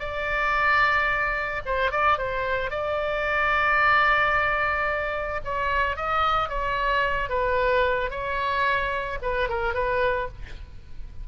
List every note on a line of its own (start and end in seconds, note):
0.00 1.62 D5
1.66 1.92 C5
1.92 2.18 D5
2.18 2.71 C5
2.71 5.41 D5
5.45 5.97 C#5
5.97 6.49 D#5
6.49 7.30 C#5
7.30 8.11 B4
8.11 9.19 C#5
9.22 9.49 B4
9.49 9.74 A#4
9.74 10.29 B4